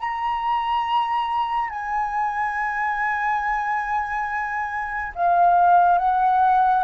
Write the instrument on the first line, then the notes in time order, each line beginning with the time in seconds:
flute
0.00 A#5
1.70 G#5
5.15 F5
5.98 F#5